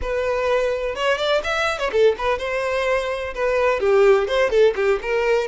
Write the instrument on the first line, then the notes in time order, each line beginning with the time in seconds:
violin
0.01 B4
0.95 C#5
1.17 D5
1.43 E5
1.79 C#5
1.92 A4
2.18 B4
2.38 C5
3.34 B4
3.80 G4
4.27 C5
4.50 A4
4.75 G4
5.02 A#4